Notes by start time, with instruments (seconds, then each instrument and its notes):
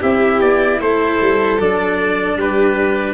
0.00 tuba C4, cello E4, violin G4, trumpet E5
0.40 tuba B3, trumpet D5
0.80 tuba A3, violin A4, trumpet C5
1.21 tuba G3
1.59 tuba F#3, cello D4, trumpet D5
2.37 tuba G3, violin G4, trumpet B4